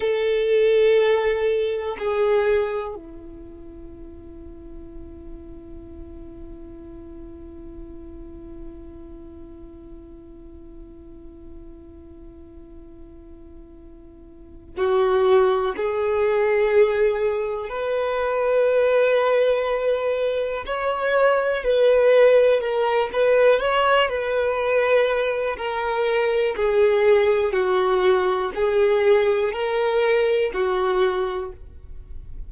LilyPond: \new Staff \with { instrumentName = "violin" } { \time 4/4 \tempo 4 = 61 a'2 gis'4 e'4~ | e'1~ | e'1~ | e'2. fis'4 |
gis'2 b'2~ | b'4 cis''4 b'4 ais'8 b'8 | cis''8 b'4. ais'4 gis'4 | fis'4 gis'4 ais'4 fis'4 | }